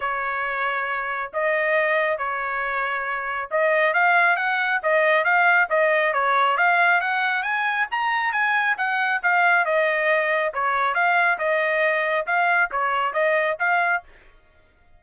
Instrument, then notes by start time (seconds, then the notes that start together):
trumpet
0.00 C#5
1.33 D#5
2.17 C#5
3.51 D#5
3.93 F5
4.36 F#5
4.82 D#5
5.24 F5
5.69 D#5
6.13 C#5
6.57 F5
7.00 F#5
7.43 G#5
7.91 A#5
8.32 G#5
8.77 F#5
9.22 F5
9.65 D#5
10.53 C#5
10.94 F5
11.38 D#5
12.26 F5
12.71 C#5
13.13 D#5
13.59 F5